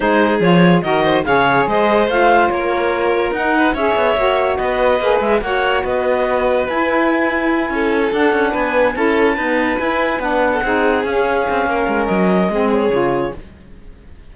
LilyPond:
<<
  \new Staff \with { instrumentName = "clarinet" } { \time 4/4 \tempo 4 = 144 c''4 cis''4 dis''4 f''4 | dis''4 f''4 cis''2 | fis''4 e''2 dis''4~ | dis''8 e''8 fis''4 dis''2 |
gis''2.~ gis''8 fis''8~ | fis''8 gis''4 a''2 gis''8~ | gis''8 fis''2 f''4.~ | f''4 dis''4. cis''4. | }
  \new Staff \with { instrumentName = "violin" } { \time 4/4 gis'2 ais'8 c''8 cis''4 | c''2 ais'2~ | ais'8 b'8 cis''2 b'4~ | b'4 cis''4 b'2~ |
b'2~ b'8 a'4.~ | a'8 b'4 a'4 b'4.~ | b'4~ b'16 a'16 gis'2~ gis'8 | ais'2 gis'2 | }
  \new Staff \with { instrumentName = "saxophone" } { \time 4/4 dis'4 f'4 fis'4 gis'4~ | gis'4 f'2. | dis'4 gis'4 fis'2 | gis'4 fis'2. |
e'2.~ e'8 d'8~ | d'4. e'4 b4 e'8~ | e'8 d'4 dis'4 cis'4.~ | cis'2 c'4 f'4 | }
  \new Staff \with { instrumentName = "cello" } { \time 4/4 gis4 f4 dis4 cis4 | gis4 a4 ais2 | dis'4 cis'8 b8 ais4 b4 | ais8 gis8 ais4 b2 |
e'2~ e'8 cis'4 d'8 | cis'8 b4 cis'4 dis'4 e'8~ | e'8 b4 c'4 cis'4 c'8 | ais8 gis8 fis4 gis4 cis4 | }
>>